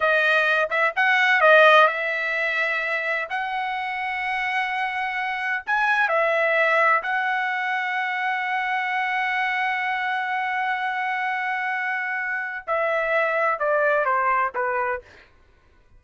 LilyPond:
\new Staff \with { instrumentName = "trumpet" } { \time 4/4 \tempo 4 = 128 dis''4. e''8 fis''4 dis''4 | e''2. fis''4~ | fis''1 | gis''4 e''2 fis''4~ |
fis''1~ | fis''1~ | fis''2. e''4~ | e''4 d''4 c''4 b'4 | }